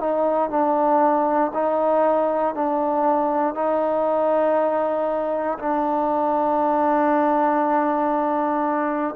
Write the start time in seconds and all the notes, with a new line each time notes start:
0.00 D#4
0.50 D4
1.54 D#4
2.55 D4
3.55 D#4
5.59 D4